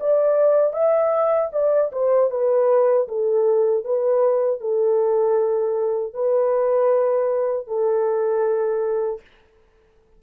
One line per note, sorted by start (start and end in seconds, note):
0.00 0.73 D5
0.73 1.50 E5
1.53 1.91 D5
1.92 2.30 C5
2.31 3.08 B4
3.08 3.85 A4
3.85 4.60 B4
4.60 6.14 A4
6.14 7.67 B4
7.67 9.21 A4